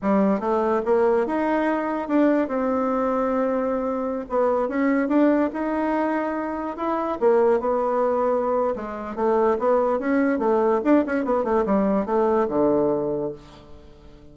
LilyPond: \new Staff \with { instrumentName = "bassoon" } { \time 4/4 \tempo 4 = 144 g4 a4 ais4 dis'4~ | dis'4 d'4 c'2~ | c'2~ c'16 b4 cis'8.~ | cis'16 d'4 dis'2~ dis'8.~ |
dis'16 e'4 ais4 b4.~ b16~ | b4 gis4 a4 b4 | cis'4 a4 d'8 cis'8 b8 a8 | g4 a4 d2 | }